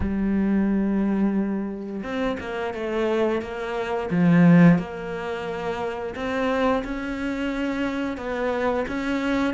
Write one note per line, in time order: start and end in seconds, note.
0.00 2.02 G3
2.03 2.37 C4
2.40 2.74 A#3
2.74 3.41 A3
3.41 4.09 A#3
4.10 4.78 F3
4.78 6.14 A#3
6.15 6.83 C4
6.84 8.17 C#4
8.17 8.85 B3
8.88 9.54 C#4